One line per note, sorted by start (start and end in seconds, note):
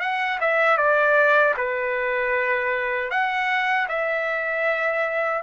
0.00 0.38 F#5
0.41 0.77 E5
0.77 1.54 D5
1.57 3.10 B4
3.10 3.87 F#5
3.88 5.42 E5